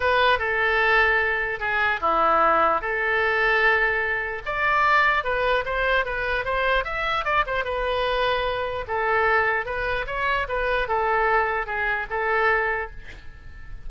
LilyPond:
\new Staff \with { instrumentName = "oboe" } { \time 4/4 \tempo 4 = 149 b'4 a'2. | gis'4 e'2 a'4~ | a'2. d''4~ | d''4 b'4 c''4 b'4 |
c''4 e''4 d''8 c''8 b'4~ | b'2 a'2 | b'4 cis''4 b'4 a'4~ | a'4 gis'4 a'2 | }